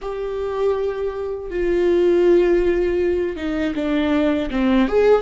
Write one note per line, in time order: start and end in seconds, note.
0.01 1.50 G4
1.50 3.36 F4
3.36 3.73 D#4
3.74 4.49 D4
4.50 4.88 C4
4.88 5.22 G#4